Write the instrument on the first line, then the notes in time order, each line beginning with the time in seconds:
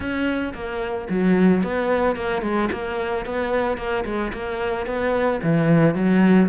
cello
0.00 C#4
0.54 A#3
1.09 F#3
1.63 B3
2.15 A#3
2.42 G#3
2.71 A#3
3.25 B3
3.77 A#3
4.05 G#3
4.33 A#3
4.86 B3
5.43 E3
5.94 F#3